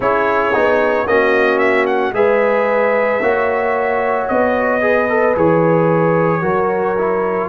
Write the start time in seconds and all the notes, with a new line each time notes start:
0.00 C#4 E4 G#4 C#5
0.53 B3 D#4
1.06 A#3 C#4 F#4 D#5
1.58 E5
1.86 F#5
2.12 G#3 G#4 B4 E5
3.21 A#3 F#4 C#5
4.27 B3 D#5
4.81 G#4 B4
5.08 A4
5.35 E3 G#4 C#5
6.41 F#3 F#4 A#4
6.98 E4